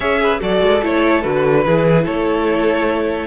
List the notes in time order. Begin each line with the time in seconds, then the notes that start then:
0.00 C#4 G#4 C#5 E5
0.23 B4
0.39 F#3 F#4 A4 D5
0.61 G#3
0.82 A3 E4 C#5
1.22 D3 F#4 B4
1.65 E3 E4 G#4
2.04 A3 A4 C#5